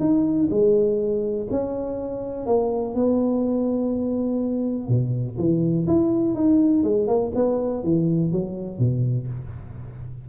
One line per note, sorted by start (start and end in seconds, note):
0.00 0.49 D#4
0.50 1.48 G#3
1.51 2.46 C#4
2.46 2.95 A#3
2.95 4.88 B3
4.88 5.37 B2
5.38 5.87 E3
5.87 6.35 E4
6.35 6.83 D#4
6.84 7.07 G#3
7.07 7.32 A#3
7.35 7.83 B3
7.83 8.32 E3
8.32 8.78 F#3
8.78 9.27 B2